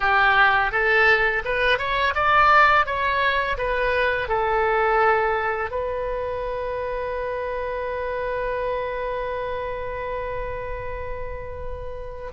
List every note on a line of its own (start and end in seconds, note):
0.00 0.71 G4
0.71 1.43 A4
1.44 1.78 B4
1.78 2.14 C#5
2.14 2.86 D5
2.86 3.57 C#5
3.57 4.28 B4
4.28 5.70 A4
5.70 12.31 B4